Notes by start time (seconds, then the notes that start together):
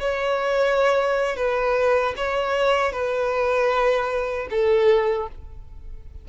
0.00 C#5
1.36 B4
2.17 C#5
2.92 B4
4.51 A4